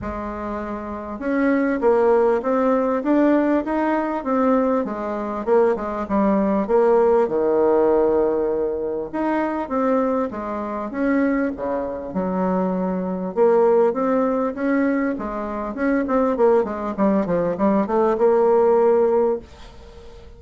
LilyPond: \new Staff \with { instrumentName = "bassoon" } { \time 4/4 \tempo 4 = 99 gis2 cis'4 ais4 | c'4 d'4 dis'4 c'4 | gis4 ais8 gis8 g4 ais4 | dis2. dis'4 |
c'4 gis4 cis'4 cis4 | fis2 ais4 c'4 | cis'4 gis4 cis'8 c'8 ais8 gis8 | g8 f8 g8 a8 ais2 | }